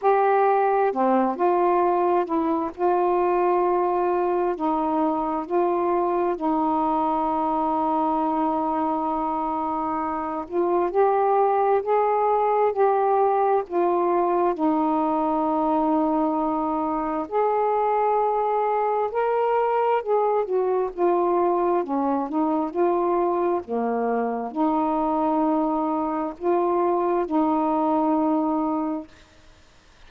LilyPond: \new Staff \with { instrumentName = "saxophone" } { \time 4/4 \tempo 4 = 66 g'4 c'8 f'4 e'8 f'4~ | f'4 dis'4 f'4 dis'4~ | dis'2.~ dis'8 f'8 | g'4 gis'4 g'4 f'4 |
dis'2. gis'4~ | gis'4 ais'4 gis'8 fis'8 f'4 | cis'8 dis'8 f'4 ais4 dis'4~ | dis'4 f'4 dis'2 | }